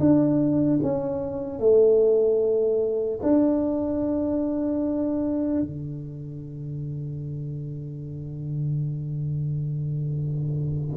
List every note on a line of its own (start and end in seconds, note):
0.00 0.80 D4
0.83 1.60 C#4
1.60 3.20 A3
3.23 5.62 D4
5.62 10.97 D3